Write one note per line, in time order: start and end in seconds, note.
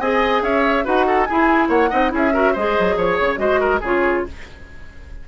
0.00 0.42 C4
0.00 0.84 G#4
0.00 0.43 D#5
0.00 0.43 G#5
0.42 0.85 C#4
0.42 0.85 C#5
0.42 0.86 E5
0.84 1.30 D#4
0.84 1.27 F#4
0.84 1.06 B4
0.84 1.25 F#5
1.07 1.28 A4
1.25 1.91 E4
1.25 1.69 G#4
1.25 1.67 G#5
1.31 1.69 E4
1.69 1.90 A#3
1.69 1.90 C#5
1.69 2.12 F#5
1.90 2.13 C4
1.90 2.10 D#4
1.90 2.12 D#5
2.10 2.55 C#4
2.10 2.31 E4
2.10 2.34 G#4
2.17 2.56 E5
2.34 2.55 F#4
2.34 2.53 A#4
2.53 2.78 G#3
2.53 3.37 G#4
2.53 2.96 C5
2.53 2.99 D#5
2.80 2.97 F#3
2.97 3.18 F3
2.97 3.40 C#5
2.97 3.39 C#5
3.21 3.38 C#3
3.37 3.81 G#3
3.37 3.80 F#4
3.37 3.60 C5
3.37 3.81 D#5
3.60 3.81 A#4
3.81 4.25 C#3
3.81 4.27 F4
3.81 4.23 G#4
3.81 4.28 C#5